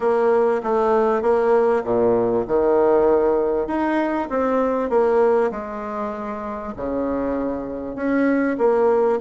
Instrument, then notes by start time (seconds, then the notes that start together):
bassoon
0.00 A#3
0.63 A3
1.22 A#3
1.84 A#2
2.47 D#3
3.67 D#4
4.29 C4
4.89 A#3
5.51 G#3
6.76 C#3
7.95 C#4
8.58 A#3